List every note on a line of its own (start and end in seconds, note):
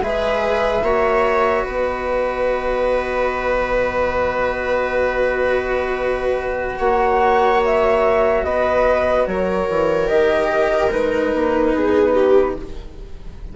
0.00 0.82 G#3
0.00 0.82 G#4
0.00 0.84 B4
0.00 1.66 E5
0.82 1.64 A#3
0.82 10.08 F#4
0.82 1.64 C#5
1.64 6.79 B3
1.64 6.78 B4
1.64 6.78 D#5
6.78 8.43 A#3
6.78 8.44 C#5
6.78 7.61 F#5
7.65 8.44 E5
8.44 9.26 B3
8.44 9.28 B4
8.44 9.26 D#5
9.27 9.68 F#3
9.27 11.75 A#4
9.27 10.08 C#5
9.69 10.09 E3
10.08 10.92 D#3
10.08 10.90 G4
10.08 10.90 D#5
10.91 11.33 G#3
10.91 12.55 D#4
10.91 12.56 B4
11.34 11.74 A#3
11.74 12.57 B3
11.74 12.14 G#4
12.14 12.55 G4